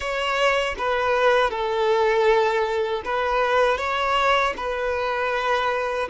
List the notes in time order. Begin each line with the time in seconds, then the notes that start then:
0.00 C#5
0.78 B4
1.50 A4
3.04 B4
3.77 C#5
4.56 B4